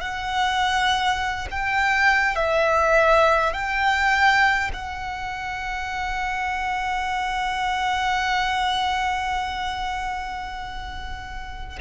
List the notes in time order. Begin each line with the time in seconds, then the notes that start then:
0.00 F#5
1.50 G5
2.35 E5
3.53 G5
4.73 F#5